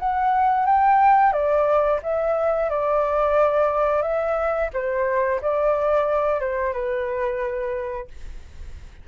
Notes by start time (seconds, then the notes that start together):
0.00 F#5
0.66 G5
1.33 D5
2.03 E5
2.70 D5
4.03 E5
4.73 C5
5.41 D5
6.40 C5
6.73 B4